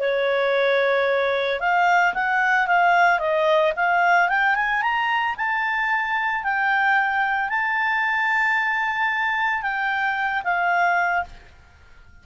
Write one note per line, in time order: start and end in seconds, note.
0.00 1.60 C#5
1.60 2.14 F5
2.15 2.67 F#5
2.67 3.20 F5
3.20 3.73 D#5
3.76 4.29 F5
4.29 4.56 G5
4.56 4.82 G#5
4.82 5.36 A#5
5.37 6.44 A5
6.44 7.50 G5
7.50 9.62 A5
9.62 10.43 G5
10.44 11.25 F5